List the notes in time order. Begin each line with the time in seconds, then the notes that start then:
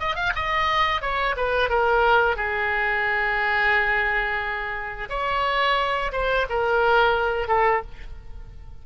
0.00 D#5
0.16 F5
0.36 D#5
1.02 C#5
1.37 B4
1.70 A#4
2.36 G#4
5.10 C#5
6.13 C5
6.50 A#4
7.48 A4